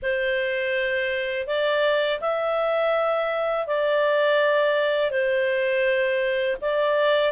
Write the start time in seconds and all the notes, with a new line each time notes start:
0.02 C5
1.46 D5
2.20 E5
3.66 D5
5.10 C5
6.61 D5